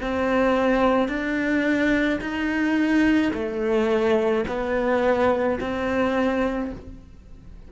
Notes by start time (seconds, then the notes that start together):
0.00 C4
1.08 D4
2.21 D#4
3.33 A3
4.47 B3
5.60 C4